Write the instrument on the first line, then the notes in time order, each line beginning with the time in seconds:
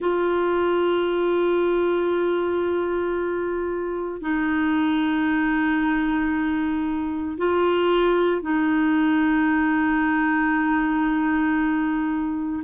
clarinet
0.00 F4
4.21 D#4
7.37 F4
8.41 D#4